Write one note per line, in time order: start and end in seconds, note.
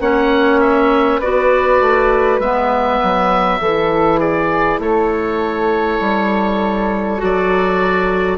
0.00 1.20 A#3
0.00 1.21 C#4
0.00 1.19 C#5
0.00 0.60 F#5
0.60 1.21 E5
1.19 1.81 B3
1.19 2.43 F#4
1.19 3.59 B4
1.19 2.41 D5
1.81 2.39 A3
2.39 2.99 G#3
2.39 3.60 B3
2.39 4.20 E5
3.03 3.60 F#3
3.60 4.79 E3
3.60 7.18 E4
3.60 4.19 A4
4.19 4.79 G#4
4.19 4.80 D5
4.79 5.99 A3
4.79 8.38 A4
4.79 7.21 C#5
6.00 7.20 G3
7.18 8.38 F#3
7.18 8.38 F#4
7.18 8.38 D5